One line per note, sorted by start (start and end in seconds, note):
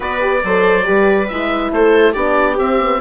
0.00 0.43 B3
0.00 0.20 F#4
0.00 0.43 B4
0.00 1.28 D5
0.20 0.42 G4
0.43 0.87 F#3
0.43 0.84 A4
0.43 0.86 C5
0.84 1.31 G3
0.84 1.27 G4
0.84 1.72 B4
1.28 1.71 G#3
1.28 2.14 E4
1.28 1.71 E5
1.71 2.14 A3
1.71 2.12 A4
1.71 2.13 C5
2.12 2.58 B3
2.12 2.56 D4
2.12 2.98 G4
2.12 2.56 D5
2.56 2.78 C4
2.56 3.01 C4
2.56 3.01 E5
2.79 3.01 B3